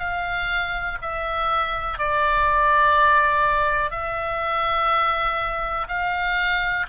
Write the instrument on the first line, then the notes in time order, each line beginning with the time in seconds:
oboe
0.00 F5
1.02 E5
1.99 D5
3.91 E5
5.88 F5